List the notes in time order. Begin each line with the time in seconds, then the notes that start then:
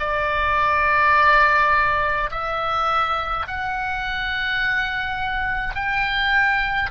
0.00 D5
2.31 E5
3.48 F#5
5.75 G5